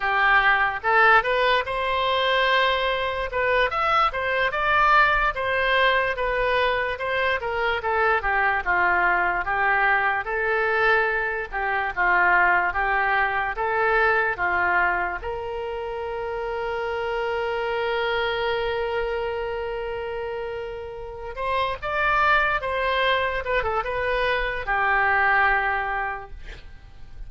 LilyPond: \new Staff \with { instrumentName = "oboe" } { \time 4/4 \tempo 4 = 73 g'4 a'8 b'8 c''2 | b'8 e''8 c''8 d''4 c''4 b'8~ | b'8 c''8 ais'8 a'8 g'8 f'4 g'8~ | g'8 a'4. g'8 f'4 g'8~ |
g'8 a'4 f'4 ais'4.~ | ais'1~ | ais'2 c''8 d''4 c''8~ | c''8 b'16 a'16 b'4 g'2 | }